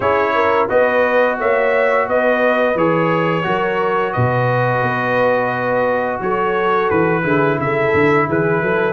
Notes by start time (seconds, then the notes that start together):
0.00 C#4 E4 G#4 C#5
0.34 A#4
0.69 B3 F#4 B4 D#5
1.38 A#3 C#5 E5
2.08 B3 B4 D#5
2.75 E3 G#4 C#5
3.43 F#3 F#4 A#4
4.12 B2 B4 D#5
4.81 B3
6.21 F#3 A4 C#5
6.90 E3 B4
7.22 D3 E4 G#4
7.58 C#3 A4 E5
7.93 D3
8.27 E3 G#4 B4
8.61 F#3 A4